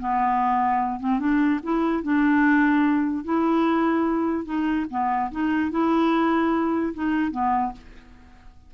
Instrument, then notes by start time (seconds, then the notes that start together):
clarinet
0.00 B3
1.00 C4
1.20 D4
1.63 E4
2.03 D4
3.24 E4
4.45 D#4
4.91 B3
5.32 D#4
5.71 E4
6.94 D#4
7.32 B3